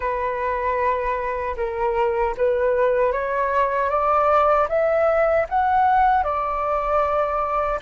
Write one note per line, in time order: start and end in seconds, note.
0.00 1.55 B4
1.56 2.34 A#4
2.37 3.12 B4
3.12 3.89 C#5
3.89 4.67 D5
4.68 5.46 E5
5.49 6.23 F#5
6.23 7.79 D5